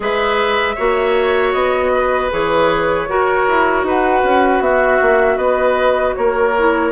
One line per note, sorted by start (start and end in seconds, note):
0.00 0.75 G#3
0.00 0.76 G#4
0.00 0.75 B4
0.00 1.53 E5
0.75 1.54 A#3
0.75 2.30 F#4
0.75 1.91 C#5
1.53 2.30 B3
1.53 2.29 D#5
1.93 3.09 B4
2.30 3.08 E3
2.30 3.07 G#4
2.30 3.86 C#5
3.08 6.54 F#4
3.08 3.47 F#4
3.08 3.86 A#4
3.48 3.83 E4
3.83 4.21 D#4
3.83 4.63 B4
3.83 4.62 F#5
4.23 4.60 C#4
4.60 4.98 B3
4.60 5.37 F#4
4.60 5.37 E5
5.01 5.36 A#3
5.36 6.13 B3
5.36 6.14 B4
5.36 6.14 D#5
6.14 6.91 A#3
6.14 6.91 A#4
6.14 6.91 C#5
6.58 6.91 E4